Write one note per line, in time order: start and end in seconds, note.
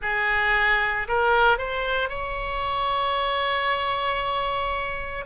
0.02 1.07 G#4
1.08 1.57 A#4
1.57 2.09 C5
2.09 5.25 C#5